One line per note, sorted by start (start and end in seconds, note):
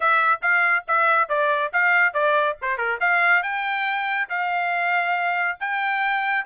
0.00 0.40 E5
0.42 0.85 F5
0.87 1.29 E5
1.29 1.71 D5
1.72 2.13 F5
2.13 2.56 D5
2.61 2.77 C5
2.77 2.99 A#4
3.00 3.42 F5
3.42 4.28 G5
4.29 5.57 F5
5.59 6.45 G5